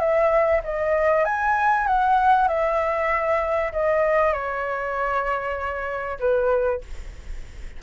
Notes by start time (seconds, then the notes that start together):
0.00 E5
0.64 D#5
1.25 G#5
1.87 F#5
2.49 E5
3.73 D#5
4.33 C#5
6.20 B4